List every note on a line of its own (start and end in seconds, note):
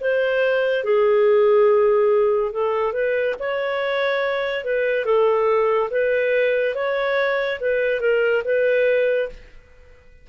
0.00 0.84 C5
0.84 2.52 G#4
2.52 2.92 A4
2.92 3.35 B4
3.39 4.64 C#5
4.64 5.05 B4
5.05 5.89 A4
5.90 6.75 B4
6.75 7.59 C#5
7.60 8.00 B4
8.00 8.42 A#4
8.44 9.29 B4